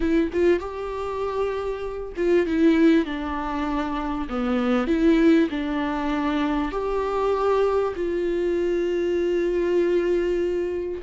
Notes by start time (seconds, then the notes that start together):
0.00 E4
0.33 F4
0.59 G4
2.16 F4
2.46 E4
3.05 D4
4.29 B3
4.87 E4
5.50 D4
6.71 G4
7.95 F4